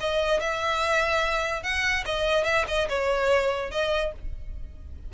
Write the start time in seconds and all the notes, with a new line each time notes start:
0.00 D#5
0.40 E5
1.63 F#5
2.05 D#5
2.44 E5
2.67 D#5
2.89 C#5
3.71 D#5